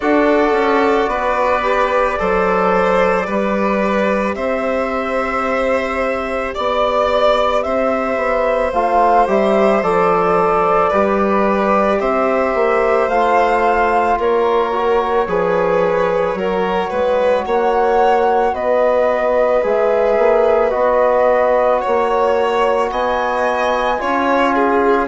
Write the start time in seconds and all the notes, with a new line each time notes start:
0.00 D4 F#4 A4 D5
0.51 C#4
1.07 B3 B4
1.62 G4
2.18 F#3 A4 C5
3.25 G3 G4 B4
4.35 C4 C5 E5
6.53 B3 D5
7.62 C4 C5 E5
8.16 B3
8.72 A3 F4 F5
9.27 G3 G4 E5
9.82 F3 A4 D5
10.89 G3 G4 B4
12.00 C4 C5 E5
12.54 A#3
13.08 A3 F4 F5
14.18 A#3 A#4 C#5
14.72 F#4
15.27 F3 G#4 B4
16.33 F#3 F#4 A#4
16.90 G#3 B4
17.45 A#3 C#5 F#5
18.52 B3 B4 D#5
19.62 G#3 G#4 E5
20.17 A#3
20.70 B3 F#4 D#5
21.80 C#5
21.87 A#3
22.91 B3 D#5 G#5
23.98 C#4 F4 C#5
24.54 G#4